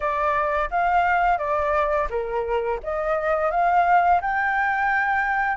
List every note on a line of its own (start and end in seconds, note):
0.00 0.69 D5
0.70 1.38 F5
1.38 2.07 D5
2.10 2.79 A#4
2.83 3.51 D#5
3.51 4.21 F5
4.21 5.57 G5